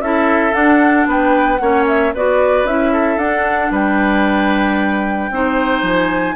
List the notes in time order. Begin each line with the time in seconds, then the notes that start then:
0.00 C#4 E4 A4 E5
0.53 D4 F#5
1.07 B3 B4 G5
1.57 A#3 C#4 C#5 F#5
1.88 E5
2.15 B3 F#4 B4 D5
2.65 C#4 E4 E5
2.93 A4
3.17 D4 F#5
3.71 G3 B4 G5
5.31 C4 D#4 C5
5.82 F3 G#5